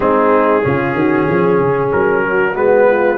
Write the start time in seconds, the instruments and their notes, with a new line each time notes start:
0.00 tuba G#3, trombone C4, horn D#4, trumpet G#4
0.62 tuba C#3, trombone C#4, horn F4
0.94 tuba D#3, horn F#4
1.28 tuba F3, horn G#4
1.59 tuba C#3
1.92 tuba F#3, trumpet A#4
2.22 horn F#4
2.54 tuba G#3, trombone B3, trumpet B4
2.87 horn F4